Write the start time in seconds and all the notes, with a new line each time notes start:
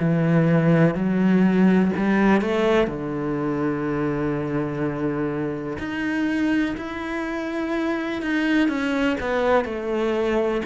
0.00 E3
0.95 F#3
1.97 G3
2.41 A3
2.87 D3
5.79 D#4
6.77 E4
8.22 D#4
8.69 C#4
9.21 B3
9.65 A3